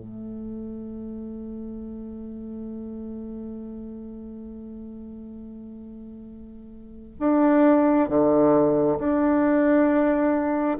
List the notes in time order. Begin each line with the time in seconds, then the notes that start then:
0.00 A3
7.20 D4
8.09 D3
8.99 D4